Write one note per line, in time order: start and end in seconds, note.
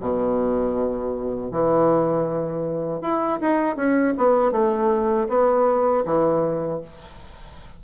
0.00 1.51 B2
1.51 3.01 E3
3.01 3.39 E4
3.41 3.76 D#4
3.76 4.14 C#4
4.17 4.52 B3
4.52 5.28 A3
5.28 6.04 B3
6.05 6.81 E3